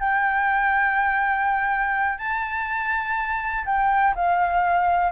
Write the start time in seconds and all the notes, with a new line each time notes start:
0.00 G5
2.19 A5
3.66 G5
4.16 F5